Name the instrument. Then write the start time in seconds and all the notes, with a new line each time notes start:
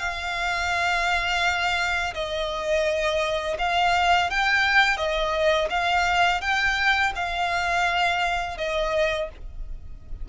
violin
0.00 F5
2.15 D#5
3.59 F5
4.31 G5
4.97 D#5
5.70 F5
6.42 G5
7.16 F5
8.58 D#5